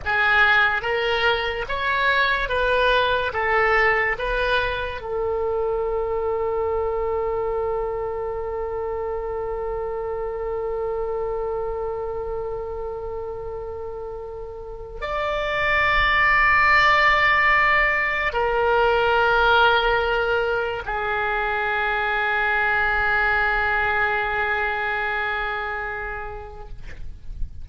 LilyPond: \new Staff \with { instrumentName = "oboe" } { \time 4/4 \tempo 4 = 72 gis'4 ais'4 cis''4 b'4 | a'4 b'4 a'2~ | a'1~ | a'1~ |
a'2 d''2~ | d''2 ais'2~ | ais'4 gis'2.~ | gis'1 | }